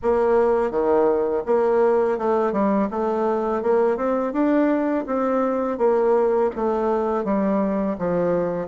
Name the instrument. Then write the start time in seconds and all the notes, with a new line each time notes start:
bassoon
0.02 A#3
0.70 D#3
1.46 A#3
2.18 A3
2.52 G3
2.90 A3
3.62 A#3
3.96 C4
4.32 D4
5.06 C4
5.78 A#3
6.55 A3
7.24 G3
7.98 F3